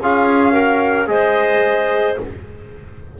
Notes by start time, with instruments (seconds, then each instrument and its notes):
0.00 double bass C#4, trombone F4, clarinet G#4, trumpet F5
0.52 trombone F#4, clarinet A#4
1.06 double bass G#3, trombone G#4, clarinet C5, trumpet D#5